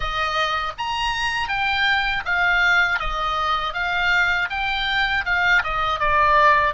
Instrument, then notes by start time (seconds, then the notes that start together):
oboe
0.00 D#5
0.77 A#5
1.48 G5
2.25 F5
2.99 D#5
3.73 F5
4.50 G5
5.25 F5
5.63 D#5
5.99 D5